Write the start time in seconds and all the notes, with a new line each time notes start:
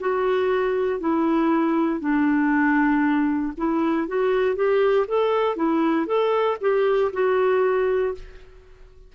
0.00 F#4
1.00 E4
2.00 D4
3.57 E4
4.08 F#4
4.56 G4
5.08 A4
5.56 E4
6.06 A4
6.61 G4
7.13 F#4